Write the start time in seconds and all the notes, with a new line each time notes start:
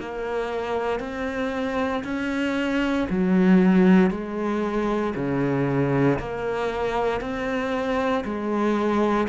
0.00 A#3
1.00 C4
2.05 C#4
3.10 F#3
4.11 G#3
5.16 C#3
6.20 A#3
7.21 C4
8.25 G#3